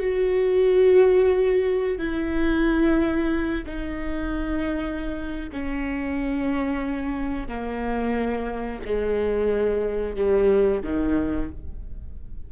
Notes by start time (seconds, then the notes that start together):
0.00 F#4
1.98 E4
3.66 D#4
5.53 C#4
7.48 A#3
8.85 G#3
10.16 G3
10.83 D#3